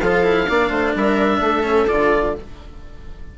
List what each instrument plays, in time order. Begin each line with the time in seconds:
0.00 bassoon F3, cello F4, viola A4, oboe F5
0.24 cello E4
0.49 bassoon A#3, cello D4, viola D5
0.70 bassoon A3, viola C5
0.95 bassoon G3, viola A#4, oboe E5
1.40 bassoon A3, viola A4
1.63 cello C#4
1.88 bassoon D3, cello F4, oboe D5